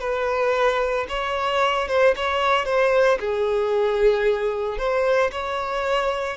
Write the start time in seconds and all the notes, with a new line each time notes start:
0.00 B4
1.09 C#5
1.88 C5
2.16 C#5
2.65 C5
3.20 G#4
4.78 C5
5.31 C#5